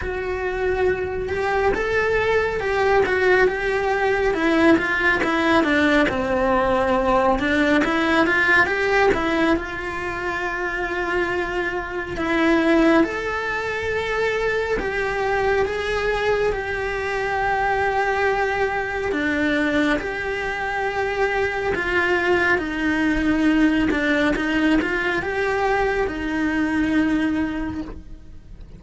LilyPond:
\new Staff \with { instrumentName = "cello" } { \time 4/4 \tempo 4 = 69 fis'4. g'8 a'4 g'8 fis'8 | g'4 e'8 f'8 e'8 d'8 c'4~ | c'8 d'8 e'8 f'8 g'8 e'8 f'4~ | f'2 e'4 a'4~ |
a'4 g'4 gis'4 g'4~ | g'2 d'4 g'4~ | g'4 f'4 dis'4. d'8 | dis'8 f'8 g'4 dis'2 | }